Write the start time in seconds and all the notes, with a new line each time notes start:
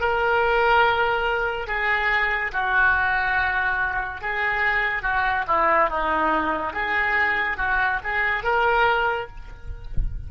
0.00 A#4
1.67 G#4
2.52 F#4
4.21 G#4
5.02 F#4
5.47 E4
5.90 D#4
6.73 G#4
7.57 F#4
8.04 G#4
8.43 A#4